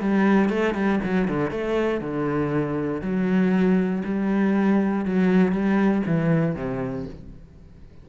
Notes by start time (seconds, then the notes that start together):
0.00 G3
0.49 A3
0.74 G3
1.03 F#3
1.28 D3
1.51 A3
2.01 D3
3.02 F#3
4.04 G3
5.05 F#3
5.52 G3
6.06 E3
6.55 C3